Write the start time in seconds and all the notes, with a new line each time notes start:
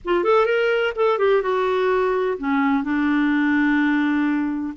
0.05 F4
0.24 A4
0.45 A#4
0.95 A4
1.18 G4
1.42 F#4
2.37 C#4
2.83 D4